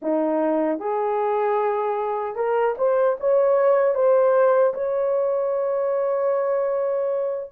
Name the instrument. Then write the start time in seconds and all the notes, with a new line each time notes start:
horn
0.02 D#4
0.79 G#4
2.35 A#4
2.77 C5
3.19 C#5
3.94 C5
4.74 C#5